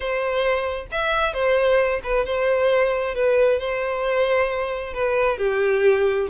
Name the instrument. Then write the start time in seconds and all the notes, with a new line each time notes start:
violin
0.00 C5
0.91 E5
1.33 C5
2.03 B4
2.25 C5
3.14 B4
3.59 C5
4.93 B4
5.38 G4